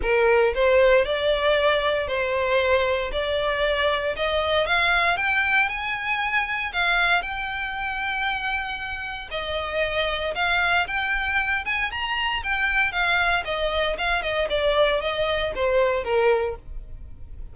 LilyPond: \new Staff \with { instrumentName = "violin" } { \time 4/4 \tempo 4 = 116 ais'4 c''4 d''2 | c''2 d''2 | dis''4 f''4 g''4 gis''4~ | gis''4 f''4 g''2~ |
g''2 dis''2 | f''4 g''4. gis''8 ais''4 | g''4 f''4 dis''4 f''8 dis''8 | d''4 dis''4 c''4 ais'4 | }